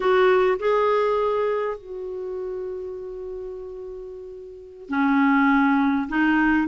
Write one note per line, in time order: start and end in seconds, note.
0.00 0.58 F#4
0.59 1.77 G#4
1.77 4.89 F#4
4.89 6.08 C#4
6.09 6.67 D#4